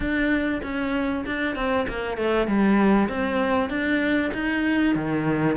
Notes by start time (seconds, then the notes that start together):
0.00 D4
0.62 C#4
1.26 D4
1.55 C4
1.88 A#3
2.17 A3
2.47 G3
3.08 C4
3.69 D4
4.33 D#4
4.95 D#3